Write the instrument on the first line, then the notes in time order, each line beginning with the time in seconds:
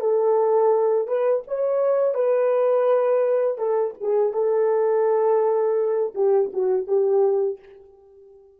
horn
0.00 A4
1.07 B4
1.47 C#5
2.14 B4
3.58 A4
4.01 G#4
4.33 A4
6.14 G4
6.53 F#4
6.86 G4